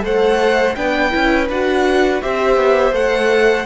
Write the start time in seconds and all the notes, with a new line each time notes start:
0.00 A3 A4 C5 F#5
0.75 B3 D4 B4 G5
1.11 C#4 E4
1.49 D4 F#4 F#5
2.21 C4 G4 C5 E5
2.56 B3
2.92 A3 A4 F#5